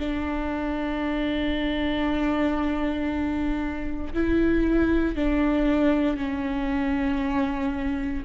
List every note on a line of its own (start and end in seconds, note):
0.00 4.14 D4
4.14 5.16 E4
5.16 6.17 D4
6.17 8.24 C#4